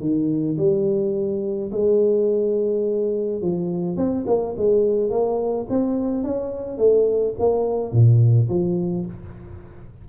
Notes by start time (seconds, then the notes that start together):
0.00 D#3
0.57 G3
1.72 G#3
3.41 F3
3.96 C4
4.26 A#3
4.57 G#3
5.10 A#3
5.69 C4
6.24 C#4
6.77 A3
7.39 A#3
7.92 A#2
8.49 F3